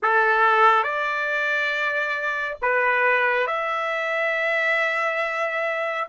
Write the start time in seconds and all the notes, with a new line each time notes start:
0.02 A4
0.83 D5
2.61 B4
3.47 E5